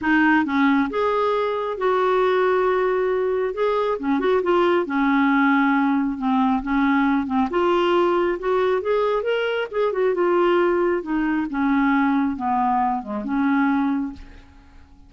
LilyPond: \new Staff \with { instrumentName = "clarinet" } { \time 4/4 \tempo 4 = 136 dis'4 cis'4 gis'2 | fis'1 | gis'4 cis'8 fis'8 f'4 cis'4~ | cis'2 c'4 cis'4~ |
cis'8 c'8 f'2 fis'4 | gis'4 ais'4 gis'8 fis'8 f'4~ | f'4 dis'4 cis'2 | b4. gis8 cis'2 | }